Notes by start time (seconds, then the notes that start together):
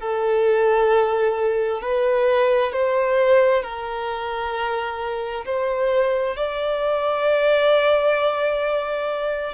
0.00 A4
1.81 B4
2.72 C5
3.63 A#4
5.45 C5
6.36 D5